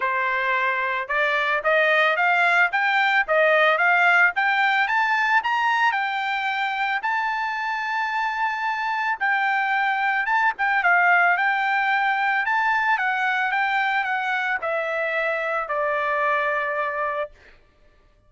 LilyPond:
\new Staff \with { instrumentName = "trumpet" } { \time 4/4 \tempo 4 = 111 c''2 d''4 dis''4 | f''4 g''4 dis''4 f''4 | g''4 a''4 ais''4 g''4~ | g''4 a''2.~ |
a''4 g''2 a''8 g''8 | f''4 g''2 a''4 | fis''4 g''4 fis''4 e''4~ | e''4 d''2. | }